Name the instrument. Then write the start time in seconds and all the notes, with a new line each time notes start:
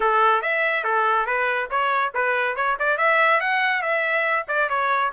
trumpet
0.00 A4
0.41 E5
0.84 A4
1.26 B4
1.70 C#5
2.14 B4
2.56 C#5
2.79 D5
2.97 E5
3.40 F#5
3.81 E5
4.47 D5
4.69 C#5